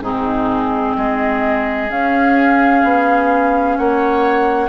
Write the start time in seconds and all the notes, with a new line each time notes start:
0.00 G#2 C4 D#4 G#4
0.96 G#3 G#4 D#5
1.89 C#4 F5
2.83 B3
3.77 A#3 C#5 F#5